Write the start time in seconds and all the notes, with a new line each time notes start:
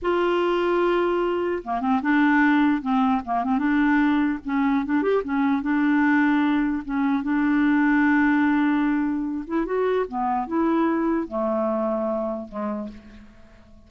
0.01 F4
1.64 A#3
1.80 C4
2.02 D4
2.81 C4
3.25 A#3
3.43 C4
3.58 D4
4.45 C#4
4.85 D4
5.02 G4
5.23 C#4
5.61 D4
6.85 C#4
7.23 D4
9.47 E4
9.65 F#4
10.08 B3
10.47 E4
11.27 A3
12.48 G#3